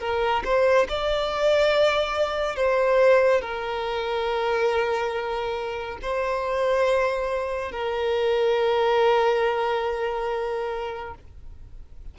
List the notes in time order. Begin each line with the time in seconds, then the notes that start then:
0.00 A#4
0.45 C5
0.89 D5
2.56 C5
3.41 A#4
6.02 C5
7.72 A#4